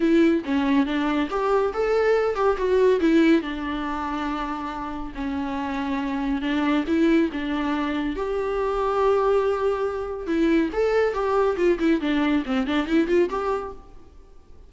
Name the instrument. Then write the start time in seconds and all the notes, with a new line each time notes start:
viola
0.00 E4
0.45 C#4
0.86 D4
1.30 G4
1.73 A4
2.35 G4
2.57 F#4
3.00 E4
3.41 D4
5.14 C#4
6.41 D4
6.87 E4
7.32 D4
8.15 G4
10.26 E4
10.72 A4
11.13 G4
11.57 F4
11.79 E4
12.00 D4
12.45 C4
12.66 D4
12.86 E4
13.07 F4
13.29 G4